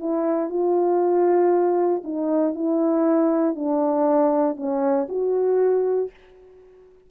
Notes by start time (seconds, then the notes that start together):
0.00 E4
0.50 F4
2.04 D#4
2.55 E4
3.56 D4
4.57 C#4
5.09 F#4